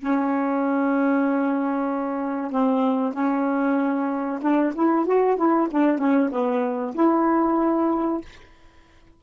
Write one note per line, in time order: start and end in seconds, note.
0.00 2.51 C#4
2.51 3.13 C4
3.13 4.39 C#4
4.41 4.73 D4
4.75 5.06 E4
5.06 5.37 F#4
5.37 5.68 E4
5.71 5.98 D4
5.98 6.30 C#4
6.31 6.94 B3
6.94 8.21 E4